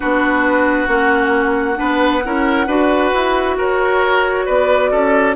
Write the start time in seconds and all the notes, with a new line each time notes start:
0.00 B3 D4 F#4 B4
0.87 A#3 C#4 F#5
1.75 B3 D4 B4
2.24 C#4 E4 A#4
2.66 D4 F#4 B4
3.13 E4
3.57 F#4 A#4 C#5
4.45 B3 B4 D5
4.91 C#4 A4